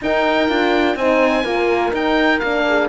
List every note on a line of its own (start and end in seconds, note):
0.01 0.49 D#4
0.01 0.97 A#4
0.01 0.96 G5
0.49 0.95 D4
0.49 0.97 F4
0.95 1.44 C4
0.95 1.44 D#4
0.95 1.44 C5
0.95 1.93 G#5
1.44 1.92 A#3
1.44 1.91 F4
1.44 2.65 A#4
1.91 2.40 D#4
1.91 2.41 D#4
1.91 2.39 G5
2.39 2.89 A#3
2.39 2.89 D4
2.39 2.87 F5
2.68 2.89 G#4